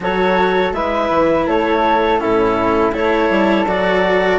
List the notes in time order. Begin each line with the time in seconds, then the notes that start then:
0.00 F#3 F#4 A4 C#5
0.72 G#3 E4 B4 E5
1.10 E3
1.47 A3 A4 C#5
2.18 A2 C#4 E4 A4
2.92 A3 E4 A4 C#5
3.29 G3
3.66 F#3 F#4 D5